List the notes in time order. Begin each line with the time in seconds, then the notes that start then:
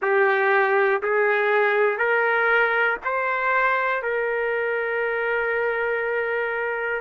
0.02 G4
1.02 G#4
1.98 A#4
3.04 C5
4.02 A#4